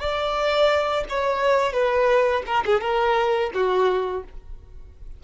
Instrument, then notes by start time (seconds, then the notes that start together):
violin
0.00 D5
1.09 C#5
1.73 B4
2.47 A#4
2.66 G#4
2.81 A#4
3.54 F#4